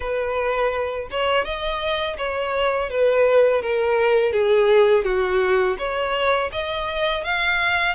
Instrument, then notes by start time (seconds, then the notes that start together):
violin
0.00 B4
1.10 C#5
1.44 D#5
2.17 C#5
2.89 B4
3.62 A#4
4.32 G#4
5.04 F#4
5.78 C#5
6.52 D#5
7.24 F5